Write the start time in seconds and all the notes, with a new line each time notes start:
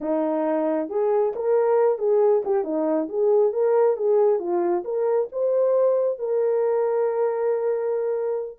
0.01 D#4
0.89 G#4
1.35 A#4
1.98 G#4
2.45 G4
2.64 D#4
3.08 G#4
3.52 A#4
3.96 G#4
4.39 F4
4.84 A#4
5.31 C5
6.18 A#4